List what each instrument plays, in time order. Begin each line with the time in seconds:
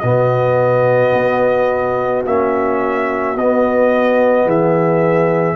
0.00 tuba B2, trombone B3, horn F#4, trumpet D#5
1.14 tuba B3
2.26 tuba A#3, trombone C#4, trumpet E5
3.37 tuba B3, trombone B3, trumpet D#5
4.46 tuba E3, horn G#4, trumpet E5